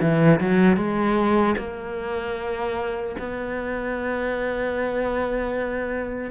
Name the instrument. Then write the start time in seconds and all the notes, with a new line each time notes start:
cello
0.00 E3
0.40 F#3
0.76 G#3
1.58 A#3
3.19 B3